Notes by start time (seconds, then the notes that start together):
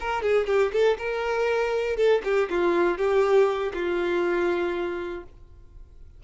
0.00 A#4
0.22 G#4
0.47 G4
0.72 A4
0.98 A#4
1.96 A4
2.24 G4
2.50 F4
2.97 G4
3.74 F4